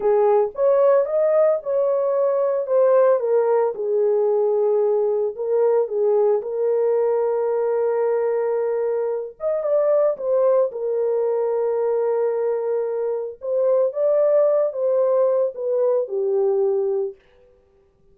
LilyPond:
\new Staff \with { instrumentName = "horn" } { \time 4/4 \tempo 4 = 112 gis'4 cis''4 dis''4 cis''4~ | cis''4 c''4 ais'4 gis'4~ | gis'2 ais'4 gis'4 | ais'1~ |
ais'4. dis''8 d''4 c''4 | ais'1~ | ais'4 c''4 d''4. c''8~ | c''4 b'4 g'2 | }